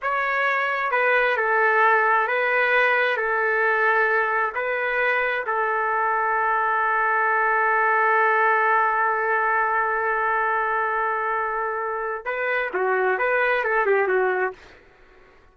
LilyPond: \new Staff \with { instrumentName = "trumpet" } { \time 4/4 \tempo 4 = 132 cis''2 b'4 a'4~ | a'4 b'2 a'4~ | a'2 b'2 | a'1~ |
a'1~ | a'1~ | a'2. b'4 | fis'4 b'4 a'8 g'8 fis'4 | }